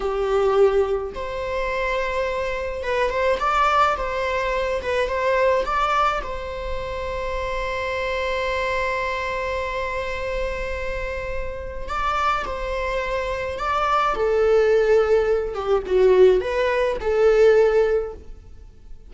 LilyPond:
\new Staff \with { instrumentName = "viola" } { \time 4/4 \tempo 4 = 106 g'2 c''2~ | c''4 b'8 c''8 d''4 c''4~ | c''8 b'8 c''4 d''4 c''4~ | c''1~ |
c''1~ | c''4 d''4 c''2 | d''4 a'2~ a'8 g'8 | fis'4 b'4 a'2 | }